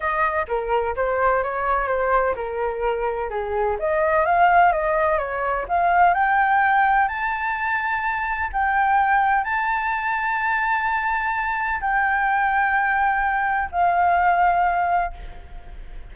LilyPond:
\new Staff \with { instrumentName = "flute" } { \time 4/4 \tempo 4 = 127 dis''4 ais'4 c''4 cis''4 | c''4 ais'2 gis'4 | dis''4 f''4 dis''4 cis''4 | f''4 g''2 a''4~ |
a''2 g''2 | a''1~ | a''4 g''2.~ | g''4 f''2. | }